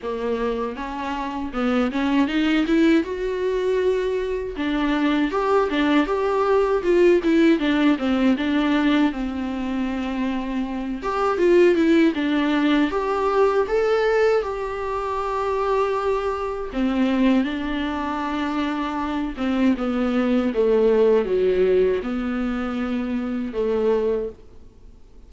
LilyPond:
\new Staff \with { instrumentName = "viola" } { \time 4/4 \tempo 4 = 79 ais4 cis'4 b8 cis'8 dis'8 e'8 | fis'2 d'4 g'8 d'8 | g'4 f'8 e'8 d'8 c'8 d'4 | c'2~ c'8 g'8 f'8 e'8 |
d'4 g'4 a'4 g'4~ | g'2 c'4 d'4~ | d'4. c'8 b4 a4 | fis4 b2 a4 | }